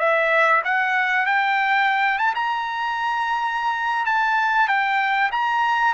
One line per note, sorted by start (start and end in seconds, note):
0.00 0.62 E5
0.65 1.27 F#5
1.27 2.19 G5
2.19 2.35 A5
2.35 4.06 A#5
4.06 4.68 A5
4.68 5.31 G5
5.32 5.95 A#5